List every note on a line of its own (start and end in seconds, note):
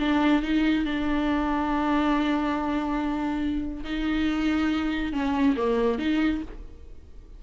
0.00 0.43 D4
0.43 0.85 D#4
0.85 3.85 D4
3.85 5.13 D#4
5.13 5.56 C#4
5.57 5.99 A#3
5.99 6.42 D#4